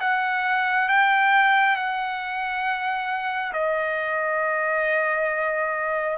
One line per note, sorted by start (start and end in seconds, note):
0.00 0.88 F#5
0.89 1.76 G5
1.76 3.53 F#5
3.53 6.17 D#5